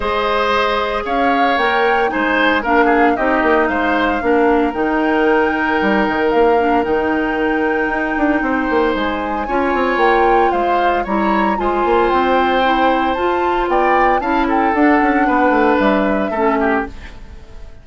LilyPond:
<<
  \new Staff \with { instrumentName = "flute" } { \time 4/4 \tempo 4 = 114 dis''2 f''4 g''4 | gis''4 f''4 dis''4 f''4~ | f''4 g''2. | f''4 g''2.~ |
g''4 gis''2 g''4 | f''4 ais''4 gis''4 g''4~ | g''4 a''4 g''4 a''8 g''8 | fis''2 e''2 | }
  \new Staff \with { instrumentName = "oboe" } { \time 4/4 c''2 cis''2 | c''4 ais'8 gis'8 g'4 c''4 | ais'1~ | ais'1 |
c''2 cis''2 | c''4 cis''4 c''2~ | c''2 d''4 f''8 a'8~ | a'4 b'2 a'8 g'8 | }
  \new Staff \with { instrumentName = "clarinet" } { \time 4/4 gis'2. ais'4 | dis'4 d'4 dis'2 | d'4 dis'2.~ | dis'8 d'8 dis'2.~ |
dis'2 f'2~ | f'4 e'4 f'2 | e'4 f'2 e'4 | d'2. cis'4 | }
  \new Staff \with { instrumentName = "bassoon" } { \time 4/4 gis2 cis'4 ais4 | gis4 ais4 c'8 ais8 gis4 | ais4 dis2 g8 dis8 | ais4 dis2 dis'8 d'8 |
c'8 ais8 gis4 cis'8 c'8 ais4 | gis4 g4 gis8 ais8 c'4~ | c'4 f'4 b4 cis'4 | d'8 cis'8 b8 a8 g4 a4 | }
>>